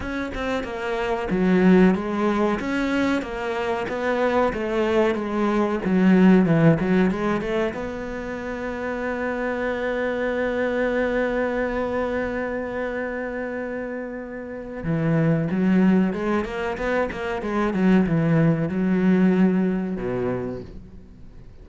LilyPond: \new Staff \with { instrumentName = "cello" } { \time 4/4 \tempo 4 = 93 cis'8 c'8 ais4 fis4 gis4 | cis'4 ais4 b4 a4 | gis4 fis4 e8 fis8 gis8 a8 | b1~ |
b1~ | b2. e4 | fis4 gis8 ais8 b8 ais8 gis8 fis8 | e4 fis2 b,4 | }